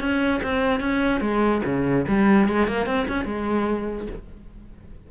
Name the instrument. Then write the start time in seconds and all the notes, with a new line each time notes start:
cello
0.00 C#4
0.43 C4
0.80 C#4
1.21 G#3
1.65 C#3
2.08 G3
2.48 G#3
2.68 A#3
2.86 C4
3.08 C#4
3.25 G#3